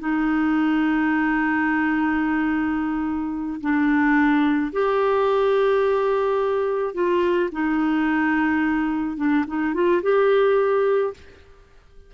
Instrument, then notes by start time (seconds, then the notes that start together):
clarinet
0.00 D#4
3.61 D4
4.73 G4
6.94 F4
7.53 D#4
9.17 D4
9.48 D#4
9.74 F4
10.03 G4